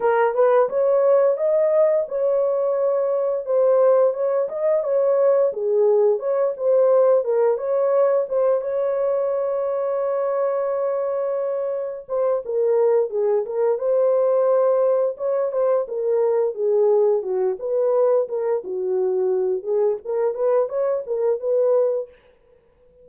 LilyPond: \new Staff \with { instrumentName = "horn" } { \time 4/4 \tempo 4 = 87 ais'8 b'8 cis''4 dis''4 cis''4~ | cis''4 c''4 cis''8 dis''8 cis''4 | gis'4 cis''8 c''4 ais'8 cis''4 | c''8 cis''2.~ cis''8~ |
cis''4. c''8 ais'4 gis'8 ais'8 | c''2 cis''8 c''8 ais'4 | gis'4 fis'8 b'4 ais'8 fis'4~ | fis'8 gis'8 ais'8 b'8 cis''8 ais'8 b'4 | }